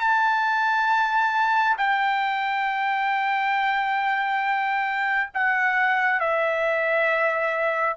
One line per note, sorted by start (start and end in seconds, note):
0.00 1.76 A5
1.78 5.31 G5
5.34 6.20 F#5
6.20 7.97 E5